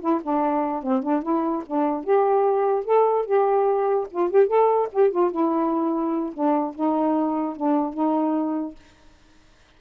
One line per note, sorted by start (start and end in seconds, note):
0.00 0.20 E4
0.23 0.83 D4
0.83 1.02 C4
1.02 1.22 D4
1.22 1.63 E4
1.66 2.04 D4
2.04 2.85 G4
2.85 3.25 A4
3.25 4.07 G4
4.10 4.30 F4
4.30 4.47 G4
4.47 4.88 A4
4.92 5.11 G4
5.11 5.31 F4
5.31 6.33 E4
6.33 6.74 D4
6.74 7.56 D#4
7.56 7.93 D4
7.93 8.75 D#4